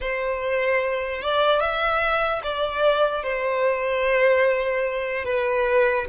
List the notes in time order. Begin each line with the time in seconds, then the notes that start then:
0.00 C5
1.22 D5
1.60 E5
2.43 D5
3.23 C5
5.24 B4